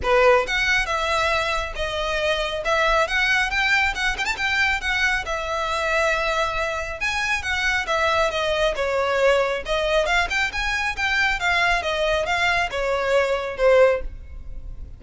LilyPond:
\new Staff \with { instrumentName = "violin" } { \time 4/4 \tempo 4 = 137 b'4 fis''4 e''2 | dis''2 e''4 fis''4 | g''4 fis''8 g''16 a''16 g''4 fis''4 | e''1 |
gis''4 fis''4 e''4 dis''4 | cis''2 dis''4 f''8 g''8 | gis''4 g''4 f''4 dis''4 | f''4 cis''2 c''4 | }